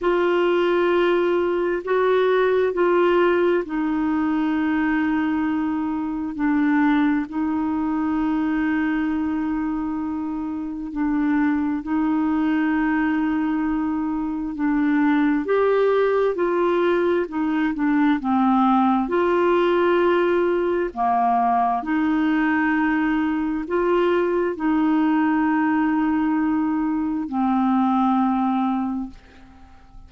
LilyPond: \new Staff \with { instrumentName = "clarinet" } { \time 4/4 \tempo 4 = 66 f'2 fis'4 f'4 | dis'2. d'4 | dis'1 | d'4 dis'2. |
d'4 g'4 f'4 dis'8 d'8 | c'4 f'2 ais4 | dis'2 f'4 dis'4~ | dis'2 c'2 | }